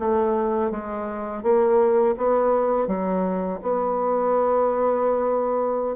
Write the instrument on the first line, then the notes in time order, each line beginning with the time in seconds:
bassoon
0.00 A3
0.71 G#3
1.43 A#3
2.18 B3
2.88 F#3
3.62 B3